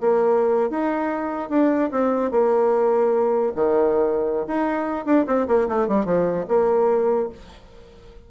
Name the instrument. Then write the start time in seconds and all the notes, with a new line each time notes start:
bassoon
0.00 A#3
0.70 D#4
1.49 D4
1.91 C4
2.31 A#3
3.55 D#3
4.47 D#4
5.05 D4
5.27 C4
5.47 A#3
5.68 A3
5.88 G3
6.05 F3
6.48 A#3